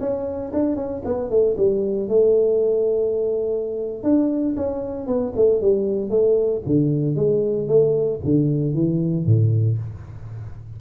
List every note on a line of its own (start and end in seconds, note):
0.00 0.52 C#4
0.54 0.76 D4
0.76 1.02 C#4
1.05 1.30 B3
1.30 1.56 A3
1.57 2.09 G3
2.09 4.04 A3
4.04 4.56 D4
4.57 5.07 C#4
5.07 5.33 B3
5.36 5.62 A3
5.62 6.10 G3
6.10 6.62 A3
6.66 7.16 D3
7.16 7.68 G#3
7.68 8.20 A3
8.25 8.74 D3
8.74 9.26 E3
9.26 9.78 A2